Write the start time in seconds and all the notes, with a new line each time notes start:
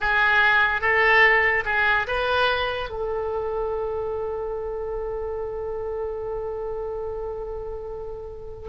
0.00 G#4
0.81 A4
1.65 G#4
2.07 B4
2.89 A4